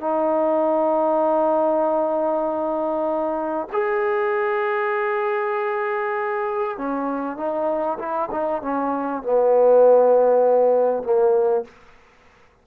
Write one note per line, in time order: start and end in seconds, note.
0.00 3.67 D#4
3.72 6.77 G#4
6.77 7.37 C#4
7.37 7.98 D#4
7.99 8.29 E4
8.31 8.62 D#4
8.62 9.23 C#4
9.23 11.03 B3
11.03 11.64 A#3